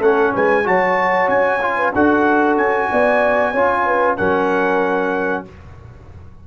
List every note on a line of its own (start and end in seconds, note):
0.00 0.32 A3
0.00 0.64 C#4
0.00 0.32 A4
0.00 0.34 F#5
0.34 0.66 G#3
0.34 0.66 B4
0.34 0.67 G#5
0.64 1.28 F#3
0.64 1.59 F#4
0.64 1.76 C#5
0.64 1.29 A5
1.28 1.92 C#4
1.28 1.93 G#5
1.61 1.93 F4
1.76 1.92 B4
1.94 2.57 D4
1.94 3.55 F#4
1.94 2.90 A4
1.94 2.57 F#5
2.57 2.89 C#4
2.57 4.16 G#5
2.91 3.54 B3
2.91 3.51 D5
3.51 4.18 C#4
3.51 4.17 F4
3.51 3.83 C#5
3.85 4.17 B4
4.16 5.47 F#3
4.16 5.45 C#4
4.16 5.45 A#4
4.16 5.44 F#5